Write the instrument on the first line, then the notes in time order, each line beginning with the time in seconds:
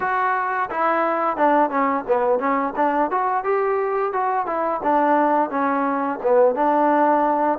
trombone
0.00 F#4
0.70 E4
1.36 D4
1.70 C#4
2.07 B3
2.39 C#4
2.76 D4
3.10 F#4
3.44 G4
4.12 F#4
4.46 E4
4.83 D4
5.50 C#4
6.22 B3
6.55 D4